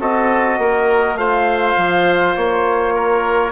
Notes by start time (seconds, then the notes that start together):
0.00 C4 F#4 A4 D#5
0.58 A#3 A#4
1.14 A3 F4 C5 F5
1.77 F3
2.36 A#3 C#5
2.94 A#4